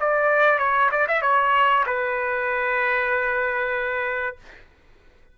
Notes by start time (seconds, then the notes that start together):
0.00 D5
0.59 C#5
0.92 D5
1.08 E5
1.22 C#5
1.86 B4